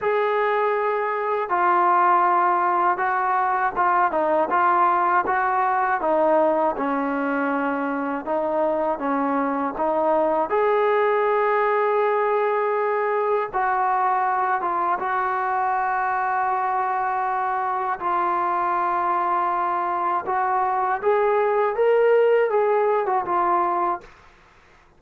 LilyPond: \new Staff \with { instrumentName = "trombone" } { \time 4/4 \tempo 4 = 80 gis'2 f'2 | fis'4 f'8 dis'8 f'4 fis'4 | dis'4 cis'2 dis'4 | cis'4 dis'4 gis'2~ |
gis'2 fis'4. f'8 | fis'1 | f'2. fis'4 | gis'4 ais'4 gis'8. fis'16 f'4 | }